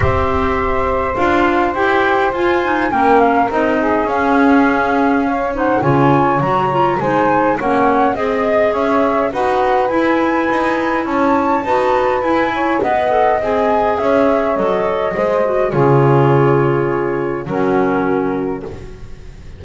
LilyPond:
<<
  \new Staff \with { instrumentName = "flute" } { \time 4/4 \tempo 4 = 103 e''2 f''4 g''4 | gis''4 g''8 f''8 dis''4 f''4~ | f''4. fis''8 gis''4 ais''4 | gis''4 fis''4 dis''4 e''4 |
fis''4 gis''2 a''4~ | a''4 gis''4 fis''4 gis''4 | e''4 dis''2 cis''4~ | cis''2 ais'2 | }
  \new Staff \with { instrumentName = "saxophone" } { \time 4/4 c''1~ | c''4 ais'4. gis'4.~ | gis'4 cis''8 c''8 cis''2 | c''4 cis''4 dis''4 cis''4 |
b'2. cis''4 | b'4. cis''8 dis''2 | cis''2 c''4 gis'4~ | gis'2 fis'2 | }
  \new Staff \with { instrumentName = "clarinet" } { \time 4/4 g'2 f'4 g'4 | f'8 dis'8 cis'4 dis'4 cis'4~ | cis'4. dis'8 f'4 fis'8 f'8 | dis'4 cis'4 gis'2 |
fis'4 e'2. | fis'4 e'4 b'8 a'8 gis'4~ | gis'4 a'4 gis'8 fis'8 f'4~ | f'2 cis'2 | }
  \new Staff \with { instrumentName = "double bass" } { \time 4/4 c'2 d'4 e'4 | f'4 ais4 c'4 cis'4~ | cis'2 cis4 fis4 | gis4 ais4 c'4 cis'4 |
dis'4 e'4 dis'4 cis'4 | dis'4 e'4 b4 c'4 | cis'4 fis4 gis4 cis4~ | cis2 fis2 | }
>>